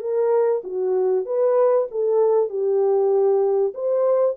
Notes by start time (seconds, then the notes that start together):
0.00 A#4
0.64 F#4
1.25 B4
1.91 A4
2.49 G4
3.74 C5